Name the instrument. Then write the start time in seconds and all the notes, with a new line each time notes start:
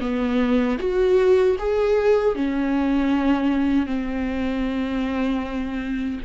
viola
0.00 B3
0.79 F#4
1.59 G#4
2.35 C#4
3.86 C4